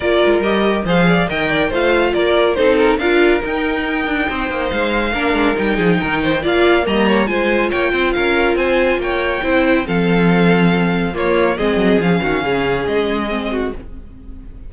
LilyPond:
<<
  \new Staff \with { instrumentName = "violin" } { \time 4/4 \tempo 4 = 140 d''4 dis''4 f''4 g''4 | f''4 d''4 c''8 ais'8 f''4 | g''2. f''4~ | f''4 g''2 f''4 |
ais''4 gis''4 g''4 f''4 | gis''4 g''2 f''4~ | f''2 cis''4 dis''4 | f''2 dis''2 | }
  \new Staff \with { instrumentName = "violin" } { \time 4/4 ais'2 c''8 d''8 dis''8 d''8 | c''4 ais'4 a'4 ais'4~ | ais'2 c''2 | ais'4. gis'8 ais'8 c''8 d''4 |
dis''8 cis''8 c''4 cis''8 c''8 ais'4 | c''4 cis''4 c''4 a'4~ | a'2 f'4 gis'4~ | gis'8 fis'8 gis'2~ gis'8 fis'8 | }
  \new Staff \with { instrumentName = "viola" } { \time 4/4 f'4 g'4 gis'4 ais'4 | f'2 dis'4 f'4 | dis'1 | d'4 dis'2 f'4 |
ais4 f'2.~ | f'2 e'4 c'4~ | c'2 ais4 c'4 | cis'2. c'4 | }
  \new Staff \with { instrumentName = "cello" } { \time 4/4 ais8 gis8 g4 f4 dis4 | a4 ais4 c'4 d'4 | dis'4. d'8 c'8 ais8 gis4 | ais8 gis8 g8 f8 dis4 ais4 |
g4 gis4 ais8 c'8 cis'4 | c'4 ais4 c'4 f4~ | f2 ais4 gis8 fis8 | f8 dis8 cis4 gis2 | }
>>